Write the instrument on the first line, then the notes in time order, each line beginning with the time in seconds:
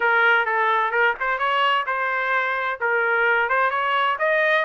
trumpet
0.00 A#4
0.45 A4
0.91 A#4
1.20 C5
1.38 C#5
1.86 C5
2.80 A#4
3.49 C5
3.70 C#5
4.18 D#5